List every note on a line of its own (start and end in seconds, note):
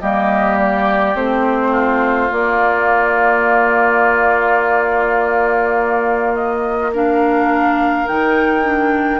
0.00 1.14 G3
0.00 1.14 A#3
0.00 1.71 G4
0.00 0.58 D#5
0.58 1.16 D5
1.14 2.30 A3
1.14 2.29 C4
1.14 2.31 C5
1.71 6.91 F4
2.29 6.91 A#3
2.29 8.08 A#3
2.29 6.34 D5
6.34 6.92 D#5
6.92 8.07 D4
6.92 9.20 A#4
6.92 8.07 F5
8.07 9.20 D#3
8.07 8.62 D#4
8.07 9.20 G5
8.62 9.20 D4